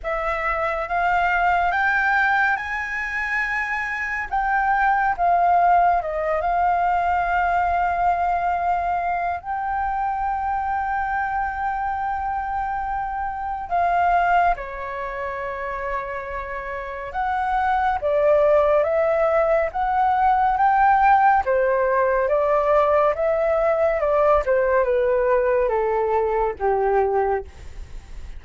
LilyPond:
\new Staff \with { instrumentName = "flute" } { \time 4/4 \tempo 4 = 70 e''4 f''4 g''4 gis''4~ | gis''4 g''4 f''4 dis''8 f''8~ | f''2. g''4~ | g''1 |
f''4 cis''2. | fis''4 d''4 e''4 fis''4 | g''4 c''4 d''4 e''4 | d''8 c''8 b'4 a'4 g'4 | }